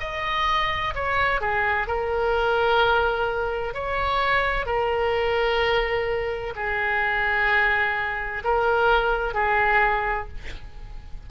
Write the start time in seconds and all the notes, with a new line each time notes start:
0.00 D#5
0.95 C#5
1.41 G#4
1.87 A#4
3.74 C#5
4.66 A#4
6.55 G#4
8.44 A#4
9.34 G#4